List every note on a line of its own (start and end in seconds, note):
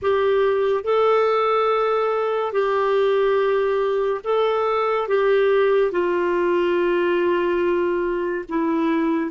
0.02 0.83 G4
0.83 2.52 A4
2.52 4.21 G4
4.23 5.08 A4
5.08 5.91 G4
5.91 8.45 F4
8.49 9.30 E4